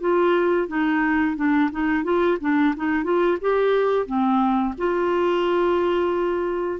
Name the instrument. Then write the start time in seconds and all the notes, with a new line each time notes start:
clarinet
0.00 F4
0.68 D#4
1.36 D4
1.71 D#4
2.04 F4
2.40 D4
2.76 D#4
3.03 F4
3.41 G4
4.06 C4
4.77 F4